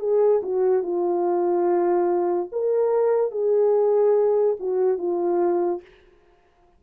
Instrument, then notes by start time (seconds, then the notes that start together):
horn
0.00 G#4
0.43 F#4
0.83 F4
2.52 A#4
3.31 G#4
4.60 F#4
4.98 F4